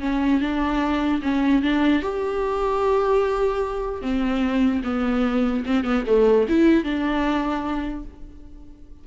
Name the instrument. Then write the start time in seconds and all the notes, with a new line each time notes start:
viola
0.00 C#4
0.40 D4
1.22 C#4
1.62 D4
2.02 G4
4.01 C4
4.83 B3
5.65 C4
5.84 B3
6.06 A3
6.48 E4
6.83 D4